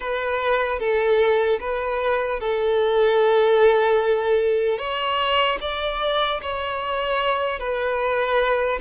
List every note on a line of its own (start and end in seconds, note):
0.00 0.79 B4
0.79 1.59 A4
1.60 2.40 B4
2.40 4.78 A4
4.78 5.58 C#5
5.60 6.40 D5
6.42 7.59 C#5
7.59 8.79 B4